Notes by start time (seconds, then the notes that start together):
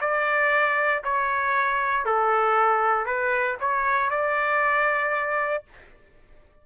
0.00 D5
1.03 C#5
2.05 A4
3.06 B4
3.60 C#5
4.10 D5